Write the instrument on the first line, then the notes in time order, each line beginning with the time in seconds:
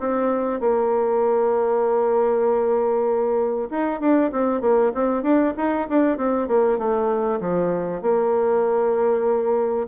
bassoon
0.00 C4
0.60 A#3
3.70 D#4
4.00 D4
4.32 C4
4.61 A#3
4.95 C4
5.23 D4
5.57 D#4
5.89 D4
6.18 C4
6.48 A#3
6.78 A3
7.41 F3
8.02 A#3